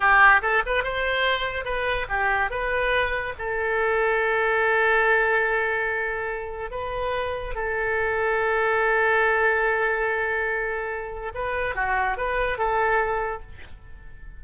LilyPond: \new Staff \with { instrumentName = "oboe" } { \time 4/4 \tempo 4 = 143 g'4 a'8 b'8 c''2 | b'4 g'4 b'2 | a'1~ | a'1 |
b'2 a'2~ | a'1~ | a'2. b'4 | fis'4 b'4 a'2 | }